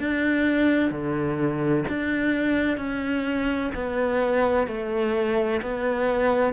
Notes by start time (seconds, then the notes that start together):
0.00 D4
0.91 D3
1.89 D4
2.77 C#4
3.75 B3
4.67 A3
5.62 B3